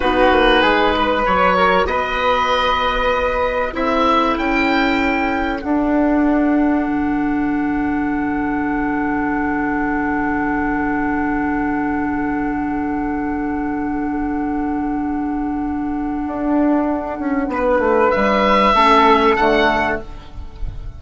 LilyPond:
<<
  \new Staff \with { instrumentName = "oboe" } { \time 4/4 \tempo 4 = 96 b'2 cis''4 dis''4~ | dis''2 e''4 g''4~ | g''4 fis''2.~ | fis''1~ |
fis''1~ | fis''1~ | fis''1~ | fis''4 e''2 fis''4 | }
  \new Staff \with { instrumentName = "flute" } { \time 4/4 fis'4 gis'8 b'4 ais'8 b'4~ | b'2 a'2~ | a'1~ | a'1~ |
a'1~ | a'1~ | a'1 | b'2 a'2 | }
  \new Staff \with { instrumentName = "clarinet" } { \time 4/4 dis'2 fis'2~ | fis'2 e'2~ | e'4 d'2.~ | d'1~ |
d'1~ | d'1~ | d'1~ | d'2 cis'4 a4 | }
  \new Staff \with { instrumentName = "bassoon" } { \time 4/4 b8 ais8 gis4 fis4 b4~ | b2 c'4 cis'4~ | cis'4 d'2 d4~ | d1~ |
d1~ | d1~ | d2 d'4. cis'8 | b8 a8 g4 a4 d4 | }
>>